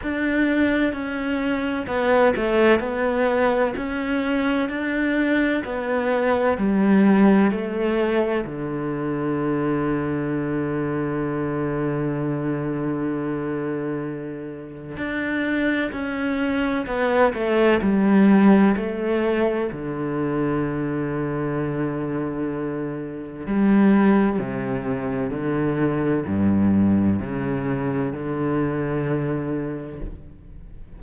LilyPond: \new Staff \with { instrumentName = "cello" } { \time 4/4 \tempo 4 = 64 d'4 cis'4 b8 a8 b4 | cis'4 d'4 b4 g4 | a4 d2.~ | d1 |
d'4 cis'4 b8 a8 g4 | a4 d2.~ | d4 g4 c4 d4 | g,4 cis4 d2 | }